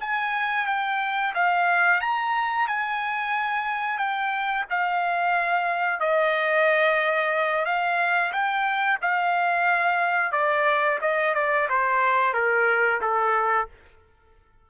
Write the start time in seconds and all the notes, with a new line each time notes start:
0.00 G#5
0.67 G5
1.35 F5
2.01 A#5
2.68 G#5
3.98 G5
4.70 F5
6.00 D#5
7.65 F5
8.32 G5
9.02 F5
10.32 D5
11.01 D#5
11.35 D5
11.69 C5
12.34 A#4
13.02 A4